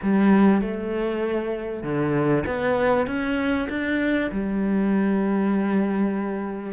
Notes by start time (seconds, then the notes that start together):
0.02 G3
0.61 A3
1.83 D3
2.45 B3
3.06 C#4
3.69 D4
4.31 G3